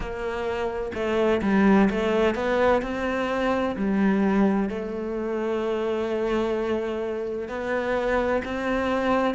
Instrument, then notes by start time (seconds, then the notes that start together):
cello
0.00 A#3
0.94 A3
1.42 G3
1.90 A3
2.34 B3
2.81 C4
3.76 G3
4.69 A3
7.48 B3
8.45 C4